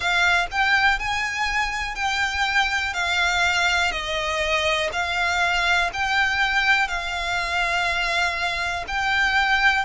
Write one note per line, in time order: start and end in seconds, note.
0.00 0.46 F5
0.51 0.99 G5
0.99 1.95 G#5
1.95 2.93 G5
2.93 3.91 F5
3.91 4.90 D#5
4.92 5.90 F5
5.93 6.88 G5
6.88 8.84 F5
8.87 9.85 G5